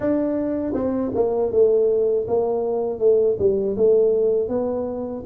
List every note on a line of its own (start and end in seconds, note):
0.00 0.73 D4
0.74 1.11 C4
1.15 1.51 A#3
1.51 2.26 A3
2.27 2.99 A#3
2.99 3.36 A3
3.39 3.76 G3
3.76 4.48 A3
4.48 5.23 B3